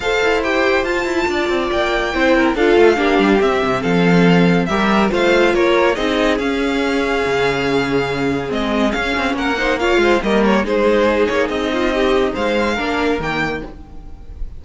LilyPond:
<<
  \new Staff \with { instrumentName = "violin" } { \time 4/4 \tempo 4 = 141 f''4 g''4 a''2 | g''2 f''2 | e''4 f''2 e''4 | f''4 cis''4 dis''4 f''4~ |
f''1 | dis''4 f''4 fis''4 f''4 | dis''8 cis''8 c''4. cis''8 dis''4~ | dis''4 f''2 g''4 | }
  \new Staff \with { instrumentName = "violin" } { \time 4/4 c''2. d''4~ | d''4 c''8 ais'8 a'4 g'4~ | g'4 a'2 ais'4 | c''4 ais'4 gis'2~ |
gis'1~ | gis'2 ais'8 c''8 cis''8 c''8 | ais'4 gis'2~ gis'8 f'8 | g'4 c''4 ais'2 | }
  \new Staff \with { instrumentName = "viola" } { \time 4/4 a'4 g'4 f'2~ | f'4 e'4 f'4 d'4 | c'2. g'4 | f'2 dis'4 cis'4~ |
cis'1 | c'4 cis'4. dis'8 f'4 | ais4 dis'2.~ | dis'2 d'4 ais4 | }
  \new Staff \with { instrumentName = "cello" } { \time 4/4 f'8 e'4. f'8 e'8 d'8 c'8 | ais4 c'4 d'8 a8 ais8 g8 | c'8 c8 f2 g4 | a4 ais4 c'4 cis'4~ |
cis'4 cis2. | gis4 cis'8 c'8 ais4. gis8 | g4 gis4. ais8 c'4~ | c'4 gis4 ais4 dis4 | }
>>